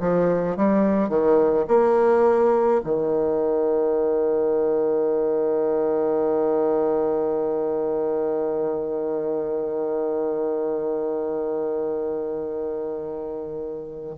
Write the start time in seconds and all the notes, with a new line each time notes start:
0.00 F3
0.57 G3
1.09 D#3
1.68 A#3
2.84 D#3